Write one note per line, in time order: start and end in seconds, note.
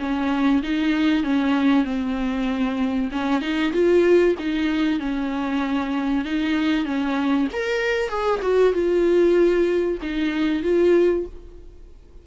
0.00 0.62 C#4
0.63 1.24 D#4
1.24 1.85 C#4
1.85 3.10 C4
3.12 3.42 C#4
3.42 3.73 D#4
3.73 4.36 F4
4.39 5.00 D#4
5.00 6.25 C#4
6.25 6.86 D#4
6.86 7.48 C#4
7.53 8.09 A#4
8.09 8.40 G#4
8.42 8.73 F#4
8.73 9.98 F4
10.03 10.63 D#4
10.63 11.26 F4